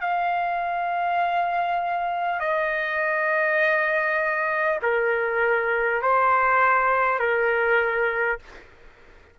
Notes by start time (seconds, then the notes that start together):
0.00 F5
2.39 D#5
4.82 A#4
6.02 C5
7.19 A#4